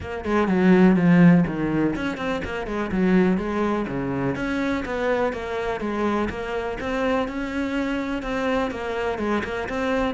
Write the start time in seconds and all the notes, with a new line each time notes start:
0.00 A#3
0.24 G#3
0.47 F#3
0.96 F3
1.46 D#3
1.95 C#4
2.17 C4
2.44 A#3
2.66 G#3
2.91 F#3
3.37 G#3
3.88 C#3
4.35 C#4
4.85 B3
5.32 A#3
5.80 G#3
6.29 A#3
6.80 C4
7.28 C#4
8.22 C4
8.71 A#3
9.18 G#3
9.44 A#3
9.68 C4